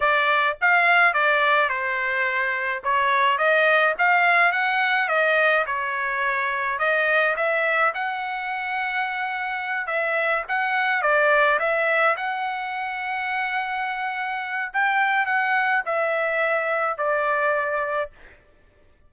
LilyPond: \new Staff \with { instrumentName = "trumpet" } { \time 4/4 \tempo 4 = 106 d''4 f''4 d''4 c''4~ | c''4 cis''4 dis''4 f''4 | fis''4 dis''4 cis''2 | dis''4 e''4 fis''2~ |
fis''4. e''4 fis''4 d''8~ | d''8 e''4 fis''2~ fis''8~ | fis''2 g''4 fis''4 | e''2 d''2 | }